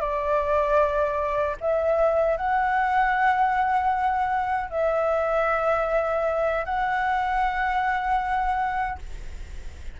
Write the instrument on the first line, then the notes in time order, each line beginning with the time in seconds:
flute
0.00 D5
1.60 E5
2.37 F#5
4.70 E5
6.64 F#5